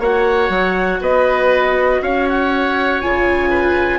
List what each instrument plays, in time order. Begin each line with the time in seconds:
0.00 bassoon A#3, viola F#4, oboe C#5, trumpet F#5
0.50 bassoon F#3
1.01 bassoon B3, oboe B4, trumpet D#5
2.02 bassoon C#4, oboe C#5, trumpet F5
2.29 trumpet F#5
3.02 bassoon C#3, viola F4, trumpet G#5
3.50 oboe B4